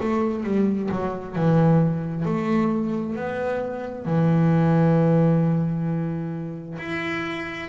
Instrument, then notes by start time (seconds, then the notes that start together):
double bass
0.00 A3
0.44 G3
0.92 F#3
1.36 E3
2.26 A3
3.16 B3
4.06 E3
6.79 E4